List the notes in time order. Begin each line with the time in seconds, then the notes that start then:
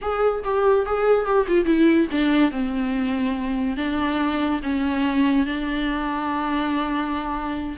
0.01 G#4
0.44 G4
0.85 G#4
1.25 G4
1.48 F4
1.65 E4
2.11 D4
2.51 C4
3.76 D4
4.62 C#4
5.45 D4